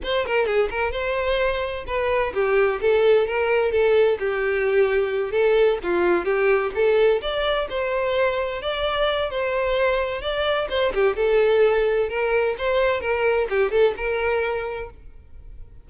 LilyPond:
\new Staff \with { instrumentName = "violin" } { \time 4/4 \tempo 4 = 129 c''8 ais'8 gis'8 ais'8 c''2 | b'4 g'4 a'4 ais'4 | a'4 g'2~ g'8 a'8~ | a'8 f'4 g'4 a'4 d''8~ |
d''8 c''2 d''4. | c''2 d''4 c''8 g'8 | a'2 ais'4 c''4 | ais'4 g'8 a'8 ais'2 | }